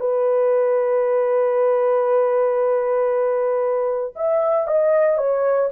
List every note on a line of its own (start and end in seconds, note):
0.00 4.14 B4
4.16 4.67 E5
4.67 5.18 D#5
5.18 5.69 C#5